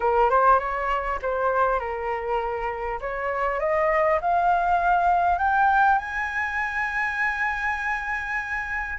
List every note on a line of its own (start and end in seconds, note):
0.00 0.30 A#4
0.30 0.59 C5
0.59 1.19 C#5
1.22 1.79 C5
1.79 2.99 A#4
3.00 3.59 C#5
3.59 4.19 D#5
4.21 5.38 F5
5.38 5.98 G5
5.98 8.98 G#5